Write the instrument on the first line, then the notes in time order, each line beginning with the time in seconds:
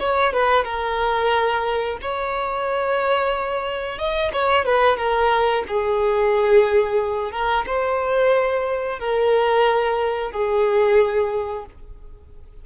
violin
0.00 C#5
0.34 B4
0.65 A#4
2.02 C#5
3.98 D#5
4.33 C#5
4.66 B4
4.98 A#4
5.68 G#4
7.32 A#4
7.67 C5
8.99 A#4
10.32 G#4